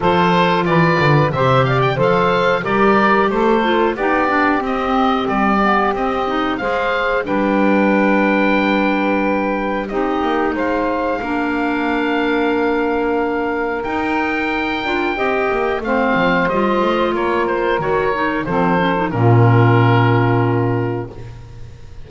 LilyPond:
<<
  \new Staff \with { instrumentName = "oboe" } { \time 4/4 \tempo 4 = 91 c''4 d''4 e''8 f''16 g''16 f''4 | d''4 c''4 d''4 dis''4 | d''4 dis''4 f''4 g''4~ | g''2. dis''4 |
f''1~ | f''4 g''2. | f''4 dis''4 cis''8 c''8 cis''4 | c''4 ais'2. | }
  \new Staff \with { instrumentName = "saxophone" } { \time 4/4 a'4 b'4 c''8 d''8 c''4 | ais'4 a'4 g'2~ | g'2 c''4 b'4~ | b'2. g'4 |
c''4 ais'2.~ | ais'2. dis''4 | c''2 ais'2 | a'4 f'2. | }
  \new Staff \with { instrumentName = "clarinet" } { \time 4/4 f'2 g'4 a'4 | g'4. f'8 dis'8 d'8 c'4~ | c'8 b8 c'8 dis'8 gis'4 d'4~ | d'2. dis'4~ |
dis'4 d'2.~ | d'4 dis'4. f'8 g'4 | c'4 f'2 fis'8 dis'8 | c'8 cis'16 dis'16 cis'2. | }
  \new Staff \with { instrumentName = "double bass" } { \time 4/4 f4 e8 d8 c4 f4 | g4 a4 b4 c'4 | g4 c'4 gis4 g4~ | g2. c'8 ais8 |
gis4 ais2.~ | ais4 dis'4. d'8 c'8 ais8 | a8 f8 g8 a8 ais4 dis4 | f4 ais,2. | }
>>